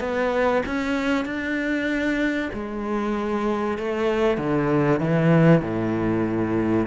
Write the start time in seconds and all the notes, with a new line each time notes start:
0.00 B3
0.66 C#4
1.25 D4
2.54 G#3
3.78 A3
4.38 D3
5.00 E3
5.62 A2